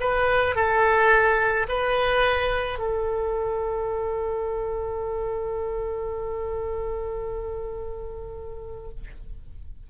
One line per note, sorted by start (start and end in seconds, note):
0.00 0.55 B4
0.55 1.66 A4
1.68 2.78 B4
2.78 8.89 A4